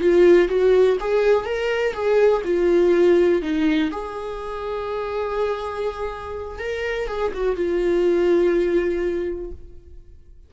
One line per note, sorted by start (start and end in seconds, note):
0.00 0.48 F4
0.48 0.97 F#4
1.00 1.45 G#4
1.45 1.93 A#4
1.93 2.42 G#4
2.44 3.41 F4
3.42 3.90 D#4
3.91 6.59 G#4
6.59 7.07 A#4
7.07 7.31 G#4
7.33 7.56 F#4
7.56 9.51 F4